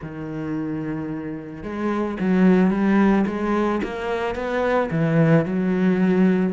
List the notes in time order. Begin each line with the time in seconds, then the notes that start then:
0.01 D#3
1.63 G#3
2.20 F#3
2.70 G3
3.27 G#3
3.83 A#3
4.35 B3
4.90 E3
5.45 F#3